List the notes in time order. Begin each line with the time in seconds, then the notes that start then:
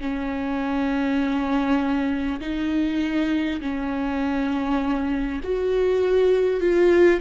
0.00 C#4
2.41 D#4
3.61 C#4
5.44 F#4
6.61 F4